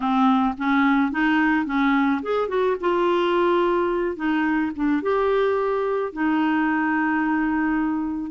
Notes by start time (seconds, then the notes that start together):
0.00 C4
0.57 C#4
1.11 D#4
1.65 C#4
2.22 G#4
2.48 F#4
2.80 F4
4.16 D#4
4.75 D4
5.02 G4
6.13 D#4